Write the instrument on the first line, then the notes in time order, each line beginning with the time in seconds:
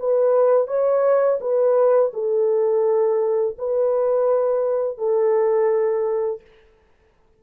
horn
0.00 B4
0.68 C#5
1.41 B4
2.14 A4
3.59 B4
4.98 A4